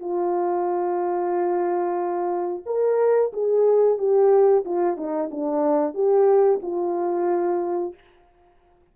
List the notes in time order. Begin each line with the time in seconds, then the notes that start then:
0.00 F4
2.66 A#4
3.33 G#4
3.99 G4
4.65 F4
4.97 D#4
5.31 D4
5.95 G4
6.63 F4